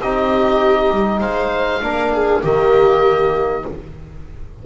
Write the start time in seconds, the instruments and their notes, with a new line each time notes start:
0.00 double bass C4, trombone D#4, viola G4, oboe D#5
0.90 double bass G3
1.20 double bass G#3, viola C5, oboe F5
1.82 double bass A#3, trombone D4, viola A#4
2.13 viola G#4
2.42 double bass D#3, trombone A#3, viola G4, oboe D#5